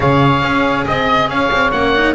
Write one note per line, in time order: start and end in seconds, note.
0.00 0.42 C#3
0.00 1.72 G#4
0.00 0.86 C#5
0.00 0.85 F5
0.42 0.85 C#4
0.87 1.28 C4
0.87 1.29 D#5
1.28 1.50 C#4
1.28 2.14 C#5
1.28 1.71 F5
1.51 1.72 C4
1.71 2.14 A#3
1.71 1.95 C#4
1.71 2.14 F#5
1.95 2.14 D#4